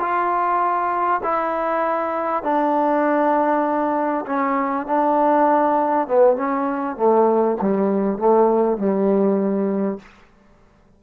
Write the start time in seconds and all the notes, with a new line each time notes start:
0.00 F4
1.23 E4
2.44 D4
4.26 C#4
4.87 D4
6.08 B3
6.36 C#4
6.97 A3
7.61 G3
8.18 A3
8.78 G3